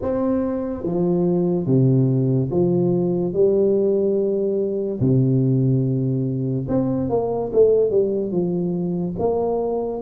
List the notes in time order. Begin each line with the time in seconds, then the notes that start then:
0.01 C4
0.83 F3
1.66 C3
2.50 F3
3.33 G3
5.00 C3
6.68 C4
7.09 A#3
7.52 A3
7.90 G3
8.31 F3
9.19 A#3